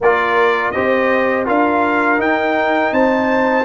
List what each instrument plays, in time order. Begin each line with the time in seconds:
0.00 tuba A#3, trombone F4, horn A#4, trumpet D5
0.71 tuba C4, trombone G4, horn C5, trumpet D#5
1.45 tuba D4, trombone F4, horn A#4, trumpet F5
2.18 trombone D#4, tuba D#4, trumpet G5
2.91 tuba C4, horn C5, trumpet A5